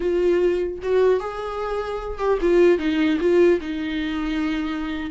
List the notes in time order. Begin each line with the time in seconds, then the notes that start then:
0.00 F4
0.82 F#4
1.20 G#4
2.18 G4
2.41 F4
2.78 D#4
3.19 F4
3.61 D#4